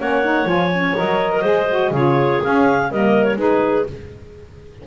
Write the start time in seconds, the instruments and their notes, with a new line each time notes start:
0.00 double bass A#3, saxophone C#4, clarinet C#5 F#5
0.25 saxophone D#4
0.46 double bass F3, saxophone F4, clarinet G#5
0.73 saxophone C#4
0.96 double bass F#3, saxophone A#4, clarinet D#5
1.33 clarinet A#4
1.42 double bass G#3, saxophone G#4, clarinet C5
1.69 saxophone F#4
1.91 double bass C#3, saxophone F4, clarinet G#4 C#5
2.42 saxophone C#4, double bass C#4, clarinet F5
2.90 double bass G3, saxophone A#3, clarinet A#4 D#5
3.24 clarinet C#5
3.37 double bass G#3, saxophone D#4, clarinet G#4 B4